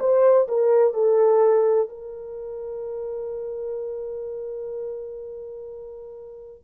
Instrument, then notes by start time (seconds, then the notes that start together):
horn
0.00 C5
0.48 A#4
0.94 A4
1.89 A#4